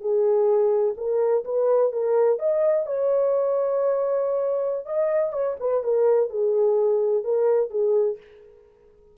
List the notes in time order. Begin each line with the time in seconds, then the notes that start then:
0.00 G#4
0.97 A#4
1.45 B4
1.92 A#4
2.39 D#5
2.86 C#5
4.86 D#5
5.32 C#5
5.59 B4
5.83 A#4
6.29 G#4
7.23 A#4
7.70 G#4